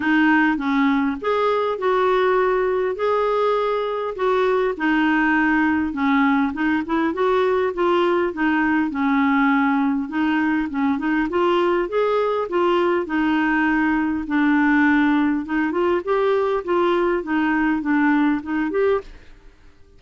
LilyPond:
\new Staff \with { instrumentName = "clarinet" } { \time 4/4 \tempo 4 = 101 dis'4 cis'4 gis'4 fis'4~ | fis'4 gis'2 fis'4 | dis'2 cis'4 dis'8 e'8 | fis'4 f'4 dis'4 cis'4~ |
cis'4 dis'4 cis'8 dis'8 f'4 | gis'4 f'4 dis'2 | d'2 dis'8 f'8 g'4 | f'4 dis'4 d'4 dis'8 g'8 | }